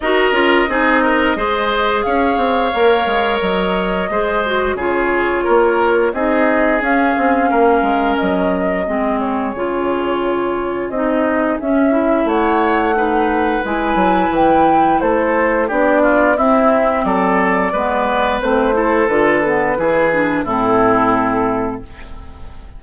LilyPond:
<<
  \new Staff \with { instrumentName = "flute" } { \time 4/4 \tempo 4 = 88 dis''2. f''4~ | f''4 dis''2 cis''4~ | cis''4 dis''4 f''2 | dis''4. cis''2~ cis''8 |
dis''4 e''4 fis''2 | gis''4 g''4 c''4 d''4 | e''4 d''2 c''4 | b'2 a'2 | }
  \new Staff \with { instrumentName = "oboe" } { \time 4/4 ais'4 gis'8 ais'8 c''4 cis''4~ | cis''2 c''4 gis'4 | ais'4 gis'2 ais'4~ | ais'4 gis'2.~ |
gis'2 cis''4 b'4~ | b'2 a'4 g'8 f'8 | e'4 a'4 b'4. a'8~ | a'4 gis'4 e'2 | }
  \new Staff \with { instrumentName = "clarinet" } { \time 4/4 fis'8 f'8 dis'4 gis'2 | ais'2 gis'8 fis'8 f'4~ | f'4 dis'4 cis'2~ | cis'4 c'4 f'2 |
dis'4 cis'8 e'4. dis'4 | e'2. d'4 | c'2 b4 c'8 e'8 | f'8 b8 e'8 d'8 c'2 | }
  \new Staff \with { instrumentName = "bassoon" } { \time 4/4 dis'8 cis'8 c'4 gis4 cis'8 c'8 | ais8 gis8 fis4 gis4 cis4 | ais4 c'4 cis'8 c'8 ais8 gis8 | fis4 gis4 cis2 |
c'4 cis'4 a2 | gis8 fis8 e4 a4 b4 | c'4 fis4 gis4 a4 | d4 e4 a,2 | }
>>